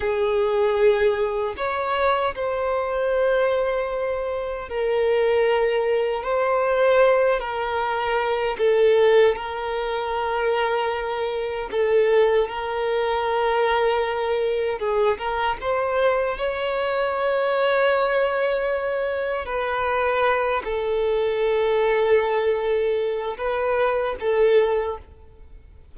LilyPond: \new Staff \with { instrumentName = "violin" } { \time 4/4 \tempo 4 = 77 gis'2 cis''4 c''4~ | c''2 ais'2 | c''4. ais'4. a'4 | ais'2. a'4 |
ais'2. gis'8 ais'8 | c''4 cis''2.~ | cis''4 b'4. a'4.~ | a'2 b'4 a'4 | }